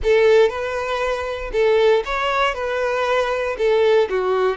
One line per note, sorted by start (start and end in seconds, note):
0.03 0.49 A4
0.49 1.50 B4
1.52 2.03 A4
2.05 2.54 C#5
2.54 3.56 B4
3.58 4.08 A4
4.09 4.56 F#4